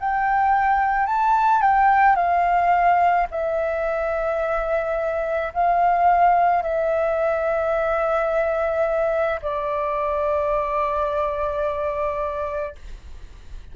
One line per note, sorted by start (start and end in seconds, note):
0.00 1.07 G5
1.07 1.62 A5
1.62 2.16 G5
2.16 3.27 F5
3.31 5.53 E5
5.54 6.63 F5
6.63 9.40 E5
9.42 12.76 D5